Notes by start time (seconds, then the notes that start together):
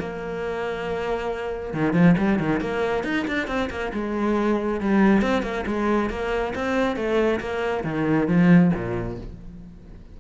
0.00 A#3
1.74 D#3
1.93 F3
2.18 G3
2.39 D#3
2.61 A#3
3.04 D#4
3.27 D4
3.48 C4
3.70 A#3
3.93 G#3
4.81 G3
5.22 C4
5.43 A#3
5.67 G#3
6.10 A#3
6.55 C4
6.96 A3
7.40 A#3
7.84 D#3
8.28 F3
8.74 A#2